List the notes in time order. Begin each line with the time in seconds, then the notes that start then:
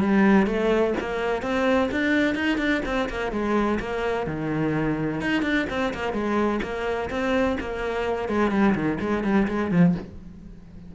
0.00 G3
0.47 A3
1.00 A#3
1.42 C4
1.91 D4
2.35 D#4
2.58 D4
2.85 C4
3.09 A#3
3.32 G#3
3.80 A#3
4.26 D#3
5.21 D#4
5.42 D4
5.70 C4
5.94 A#3
6.13 G#3
6.62 A#3
7.10 C4
7.60 A#3
8.29 G#3
8.51 G3
8.75 D#3
9.00 G#3
9.24 G3
9.48 G#3
9.71 F3